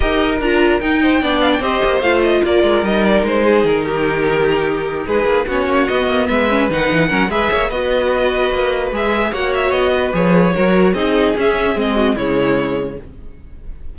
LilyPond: <<
  \new Staff \with { instrumentName = "violin" } { \time 4/4 \tempo 4 = 148 dis''4 ais''4 g''4. f''16 g''16 | dis''4 f''8 dis''8 d''4 dis''8 d''8 | c''4 ais'2.~ | ais'8 b'4 cis''4 dis''4 e''8~ |
e''8 fis''4. e''4 dis''4~ | dis''2 e''4 fis''8 e''8 | dis''4 cis''2 dis''4 | e''4 dis''4 cis''2 | }
  \new Staff \with { instrumentName = "violin" } { \time 4/4 ais'2~ ais'8 c''8 d''4 | c''2 ais'2~ | ais'8 gis'4 g'2~ g'8~ | g'8 gis'4 fis'2 b'8~ |
b'4. ais'8 b'8 cis''8 b'4~ | b'2. cis''4~ | cis''8 b'4. ais'4 gis'4~ | gis'4. fis'8 e'2 | }
  \new Staff \with { instrumentName = "viola" } { \time 4/4 g'4 f'4 dis'4 d'4 | g'4 f'2 dis'4~ | dis'1~ | dis'4. cis'4 b4. |
cis'8 dis'4 cis'8 gis'4 fis'4~ | fis'2 gis'4 fis'4~ | fis'4 gis'4 fis'4 dis'4 | cis'4 c'4 gis2 | }
  \new Staff \with { instrumentName = "cello" } { \time 4/4 dis'4 d'4 dis'4 b4 | c'8 ais8 a4 ais8 gis8 g4 | gis4 dis2.~ | dis8 gis8 ais8 b8 ais8 b8 ais8 gis8~ |
gis8 dis8 e8 fis8 gis8 ais8 b4~ | b4 ais4 gis4 ais4 | b4 f4 fis4 c'4 | cis'4 gis4 cis2 | }
>>